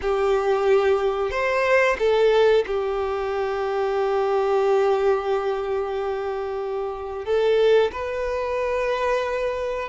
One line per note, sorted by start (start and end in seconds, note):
0.01 1.30 G4
1.30 1.96 C5
1.98 2.64 A4
2.66 7.25 G4
7.25 7.91 A4
7.92 9.88 B4